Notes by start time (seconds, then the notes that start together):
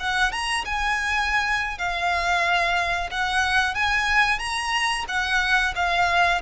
0.00 F#5
0.32 A#5
0.65 G#5
1.78 F5
3.11 F#5
3.75 G#5
4.39 A#5
5.08 F#5
5.76 F5